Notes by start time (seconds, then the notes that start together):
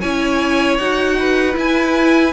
0.00 C#4 E4 C#5 G#5
0.78 D#4 F#4 F#5
1.18 B4
1.53 E4 G#5